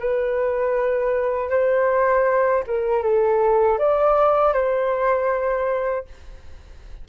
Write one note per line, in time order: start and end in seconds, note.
0.00 1.50 B4
1.50 2.64 C5
2.68 3.03 A#4
3.03 3.79 A4
3.79 4.54 D5
4.54 6.06 C5